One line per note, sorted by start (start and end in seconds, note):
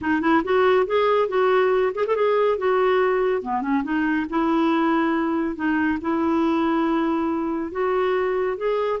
0.01 0.21 D#4
0.21 0.42 E4
0.44 0.86 F#4
0.86 1.28 G#4
1.28 1.92 F#4
1.94 2.05 G#4
2.06 2.15 A4
2.15 2.58 G#4
2.58 3.41 F#4
3.41 3.61 B3
3.61 3.83 C#4
3.83 4.26 D#4
4.29 5.55 E4
5.55 5.98 D#4
6.01 7.71 E4
7.71 8.57 F#4
8.57 9.00 G#4